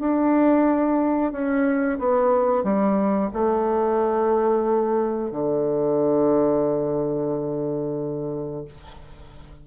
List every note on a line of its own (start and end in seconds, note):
0.00 1.32 D4
1.32 1.99 C#4
1.99 2.64 B3
2.64 3.31 G3
3.34 5.32 A3
5.32 8.65 D3